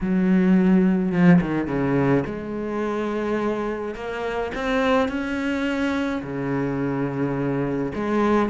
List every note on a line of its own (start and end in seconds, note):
0.00 1.12 F#3
1.12 1.40 F3
1.41 1.67 D#3
1.67 2.24 C#3
2.26 3.95 G#3
3.95 4.51 A#3
4.55 5.08 C4
5.08 6.21 C#4
6.22 7.92 C#3
7.94 8.49 G#3